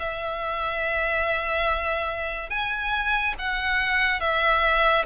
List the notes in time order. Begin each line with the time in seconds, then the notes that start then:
0.00 E5
2.50 G#5
3.39 F#5
4.21 E5